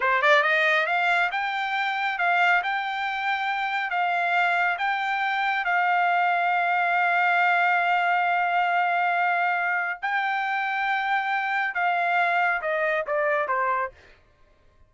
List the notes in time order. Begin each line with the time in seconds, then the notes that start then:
0.00 C5
0.22 D5
0.42 D#5
0.86 F5
1.31 G5
2.18 F5
2.63 G5
3.90 F5
4.78 G5
5.64 F5
10.02 G5
11.74 F5
12.61 D#5
13.06 D5
13.48 C5